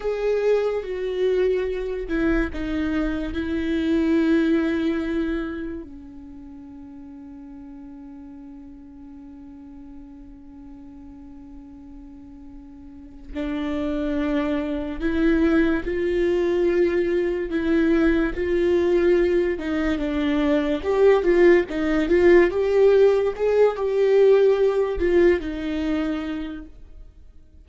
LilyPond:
\new Staff \with { instrumentName = "viola" } { \time 4/4 \tempo 4 = 72 gis'4 fis'4. e'8 dis'4 | e'2. cis'4~ | cis'1~ | cis'1 |
d'2 e'4 f'4~ | f'4 e'4 f'4. dis'8 | d'4 g'8 f'8 dis'8 f'8 g'4 | gis'8 g'4. f'8 dis'4. | }